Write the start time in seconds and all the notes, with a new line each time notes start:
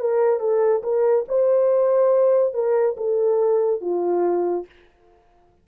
0.00 A#4
0.40 A4
0.83 A#4
1.29 C5
2.54 A#4
2.97 A4
3.81 F4